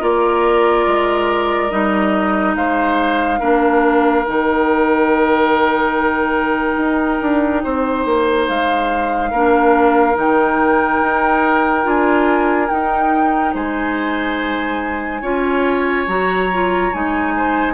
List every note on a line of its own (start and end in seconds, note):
0.00 0.87 A#3
0.00 1.70 F4
0.00 2.54 A#4
0.00 1.71 D5
0.87 1.71 G#3
1.71 2.55 G3
1.71 3.40 D#4
1.71 2.55 D#5
2.55 3.40 G#3
2.55 3.40 C5
2.55 4.25 F5
3.40 4.26 A#3
3.40 4.25 D4
3.40 7.62 A#4
4.25 6.77 D#3
4.25 9.33 D#4
4.25 8.48 G5
6.77 7.20 D#4
7.22 7.64 D4
7.64 8.05 C4
7.64 9.31 C5
8.05 8.48 A#3
8.48 9.32 G#3
8.48 10.17 F5
9.31 10.17 A#3
9.31 10.14 D4
9.31 13.54 A#4
10.14 11.01 D#3
10.14 11.83 D#4
10.14 11.88 G5
11.02 11.86 D#4
11.83 12.70 D4
11.83 12.67 F4
11.83 12.70 G#5
12.70 13.55 D#4
12.70 15.23 D#4
12.70 13.54 G5
13.54 15.22 G#3
13.54 15.22 C5
13.54 16.09 G#5
15.22 16.06 C#4
15.22 16.08 F4
15.22 17.33 C#5
16.07 16.92 F#3
16.07 16.50 F#4
16.07 16.93 A#5
16.53 16.93 F4
16.93 17.74 G#3
16.93 17.74 D#4
16.93 17.74 G#5
17.37 17.74 C5